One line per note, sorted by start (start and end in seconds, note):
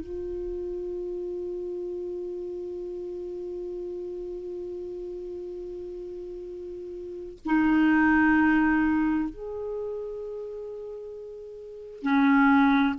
0.00 7.38 F4
7.45 9.29 D#4
9.29 12.03 G#4
12.03 12.95 C#4